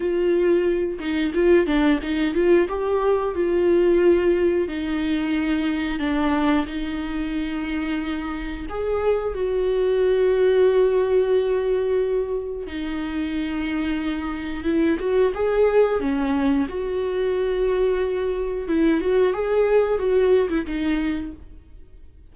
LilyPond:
\new Staff \with { instrumentName = "viola" } { \time 4/4 \tempo 4 = 90 f'4. dis'8 f'8 d'8 dis'8 f'8 | g'4 f'2 dis'4~ | dis'4 d'4 dis'2~ | dis'4 gis'4 fis'2~ |
fis'2. dis'4~ | dis'2 e'8 fis'8 gis'4 | cis'4 fis'2. | e'8 fis'8 gis'4 fis'8. e'16 dis'4 | }